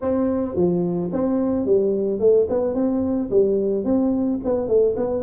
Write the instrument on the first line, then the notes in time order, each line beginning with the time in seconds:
tuba
0.01 C4
0.55 F3
1.12 C4
1.65 G3
2.19 A3
2.49 B3
2.74 C4
3.30 G3
3.84 C4
4.44 B3
4.67 A3
4.96 B3